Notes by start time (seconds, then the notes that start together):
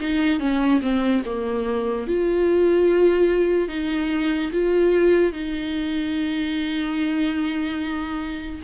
0.00 D#4
0.40 C#4
0.81 C4
1.25 A#3
2.07 F4
3.68 D#4
4.52 F4
5.32 D#4